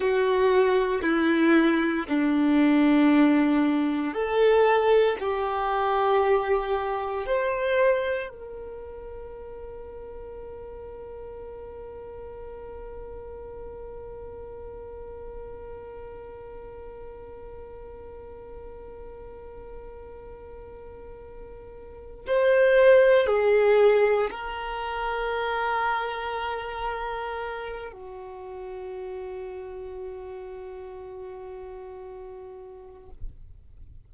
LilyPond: \new Staff \with { instrumentName = "violin" } { \time 4/4 \tempo 4 = 58 fis'4 e'4 d'2 | a'4 g'2 c''4 | ais'1~ | ais'1~ |
ais'1~ | ais'4. c''4 gis'4 ais'8~ | ais'2. fis'4~ | fis'1 | }